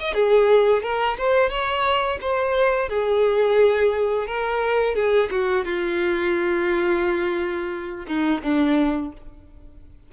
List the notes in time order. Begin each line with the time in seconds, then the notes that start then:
0.00 D#5
0.14 G#4
0.83 A#4
1.18 C5
1.50 C#5
2.21 C5
2.89 G#4
4.28 A#4
4.95 G#4
5.31 F#4
5.65 F4
8.07 D#4
8.44 D4